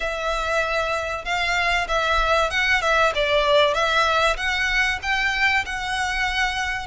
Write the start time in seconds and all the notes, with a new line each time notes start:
0.00 E5
1.24 F5
1.88 E5
2.50 F#5
2.81 E5
3.14 D5
3.73 E5
4.36 F#5
5.02 G5
5.65 F#5